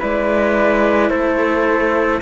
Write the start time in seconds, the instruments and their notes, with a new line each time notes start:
0.00 cello G#3 E4, trumpet B4, flute D5
1.09 cello A3, trumpet A4, flute C5